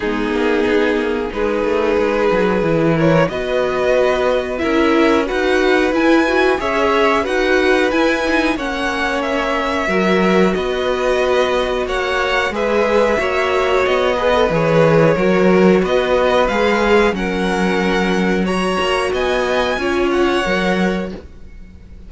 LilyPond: <<
  \new Staff \with { instrumentName = "violin" } { \time 4/4 \tempo 4 = 91 gis'2 b'2~ | b'8 cis''8 dis''2 e''4 | fis''4 gis''4 e''4 fis''4 | gis''4 fis''4 e''2 |
dis''2 fis''4 e''4~ | e''4 dis''4 cis''2 | dis''4 f''4 fis''2 | ais''4 gis''4. fis''4. | }
  \new Staff \with { instrumentName = "violin" } { \time 4/4 dis'2 gis'2~ | gis'8 ais'8 b'2 ais'4 | b'2 cis''4 b'4~ | b'4 cis''2 ais'4 |
b'2 cis''4 b'4 | cis''4. b'4. ais'4 | b'2 ais'2 | cis''4 dis''4 cis''2 | }
  \new Staff \with { instrumentName = "viola" } { \time 4/4 b2 dis'2 | e'4 fis'2 e'4 | fis'4 e'8 fis'8 gis'4 fis'4 | e'8 dis'8 cis'2 fis'4~ |
fis'2. gis'4 | fis'4. gis'16 a'16 gis'4 fis'4~ | fis'4 gis'4 cis'2 | fis'2 f'4 ais'4 | }
  \new Staff \with { instrumentName = "cello" } { \time 4/4 gis8 ais8 b8 ais8 gis8 a8 gis8 fis8 | e4 b2 cis'4 | dis'4 e'4 cis'4 dis'4 | e'4 ais2 fis4 |
b2 ais4 gis4 | ais4 b4 e4 fis4 | b4 gis4 fis2~ | fis8 ais8 b4 cis'4 fis4 | }
>>